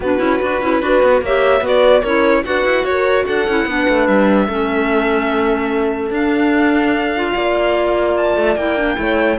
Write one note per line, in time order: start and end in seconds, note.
0.00 0.19 B3
0.00 0.18 D4
0.00 0.81 F#4
0.00 1.24 B4
0.18 0.40 C#4
0.18 0.38 E4
0.41 0.61 D4
0.41 0.62 F#4
0.61 0.81 C#4
0.61 0.81 E4
0.81 1.02 D4
0.81 1.22 F#4
0.81 1.23 B4
1.02 1.21 B3
1.21 1.60 A#3
1.21 1.61 G4
1.21 1.64 C#5
1.21 1.66 E5
1.60 2.01 B3
1.60 2.01 F#4
1.60 2.02 B4
1.67 2.03 D5
2.02 2.44 C#4
2.02 2.43 E4
2.02 2.43 A#4
2.02 2.44 C#5
2.43 2.64 D4
2.43 3.45 F#4
2.43 2.87 B4
2.43 2.85 F#5
2.64 2.83 E4
2.83 3.24 F#4
2.83 3.25 C#5
2.90 3.26 A#4
3.26 3.47 D4
3.26 3.66 A4
3.26 4.07 F#5
3.47 3.65 C#4
3.47 3.68 E4
3.65 3.86 B3
3.65 4.48 D4
3.65 4.47 B4
3.88 4.08 A3
4.07 4.48 G3
4.07 6.11 E5
4.47 6.10 A3
4.47 6.11 C#4
4.47 7.33 A4
6.10 7.32 D4
6.10 7.14 D4
6.10 8.16 F5
7.15 8.57 F4
7.34 8.37 A#3
7.34 8.98 D5
8.16 8.56 A5
8.37 8.55 A3
8.55 8.96 A#3
8.55 8.77 E4
8.55 9.38 G5
8.77 8.95 D4
8.95 9.38 A3
8.95 9.36 E4
8.95 9.39 C#5